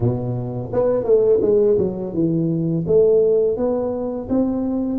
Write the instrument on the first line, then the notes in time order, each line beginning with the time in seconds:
tuba
0.00 B2
0.72 B3
1.04 A3
1.41 G#3
1.78 F#3
2.13 E3
2.86 A3
3.56 B3
4.29 C4